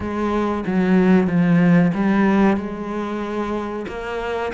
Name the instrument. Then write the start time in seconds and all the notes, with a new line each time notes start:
cello
0.00 G#3
0.66 F#3
1.27 F3
1.94 G3
2.56 G#3
3.87 A#3